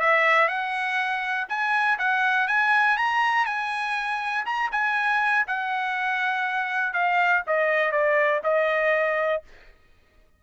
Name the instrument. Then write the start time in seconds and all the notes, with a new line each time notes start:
trumpet
0.00 E5
0.48 F#5
1.49 G#5
1.99 F#5
2.47 G#5
2.98 A#5
3.46 G#5
4.46 A#5
4.72 G#5
5.47 F#5
6.93 F5
7.47 D#5
7.92 D5
8.44 D#5